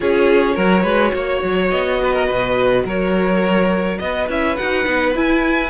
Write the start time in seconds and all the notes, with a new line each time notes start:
0.00 C#4 F4 G#4 C#5
0.55 F#3 F#4 A#4
0.82 G#3 B4
1.13 A#3 C#5
1.43 F#3
1.70 B3 D#5
2.02 B4
2.13 A#4
2.26 B2 B4
2.84 F#3 A#4 C#5
3.98 B3 B4 D#5
4.28 C#4 E4 E5
4.56 D#4 F#4 F#5
4.85 B3 D#4
5.14 E4 G#5